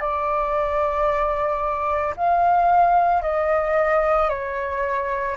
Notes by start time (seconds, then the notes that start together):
0.00 D5
2.16 F5
3.22 D#5
4.29 C#5